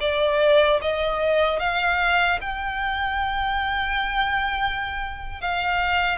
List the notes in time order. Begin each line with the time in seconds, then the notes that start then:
0.00 D5
0.81 D#5
1.59 F5
2.41 G5
5.41 F5